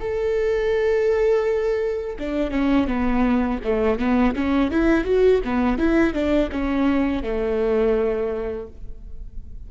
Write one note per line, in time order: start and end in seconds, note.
0.00 2.17 A4
2.19 2.51 D4
2.51 2.87 C#4
2.87 3.59 B3
3.64 3.99 A3
3.99 4.35 B3
4.35 4.71 C#4
4.71 5.04 E4
5.04 5.41 F#4
5.44 5.78 B3
5.78 6.13 E4
6.13 6.49 D4
6.51 7.23 C#4
7.23 8.67 A3